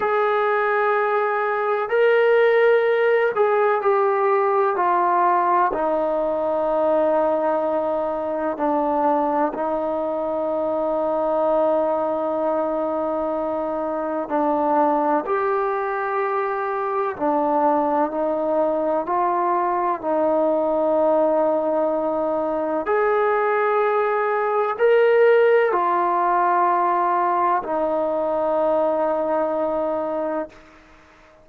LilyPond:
\new Staff \with { instrumentName = "trombone" } { \time 4/4 \tempo 4 = 63 gis'2 ais'4. gis'8 | g'4 f'4 dis'2~ | dis'4 d'4 dis'2~ | dis'2. d'4 |
g'2 d'4 dis'4 | f'4 dis'2. | gis'2 ais'4 f'4~ | f'4 dis'2. | }